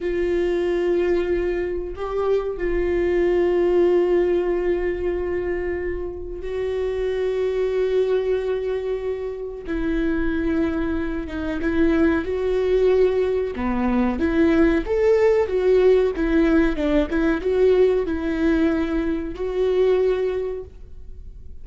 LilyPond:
\new Staff \with { instrumentName = "viola" } { \time 4/4 \tempo 4 = 93 f'2. g'4 | f'1~ | f'2 fis'2~ | fis'2. e'4~ |
e'4. dis'8 e'4 fis'4~ | fis'4 b4 e'4 a'4 | fis'4 e'4 d'8 e'8 fis'4 | e'2 fis'2 | }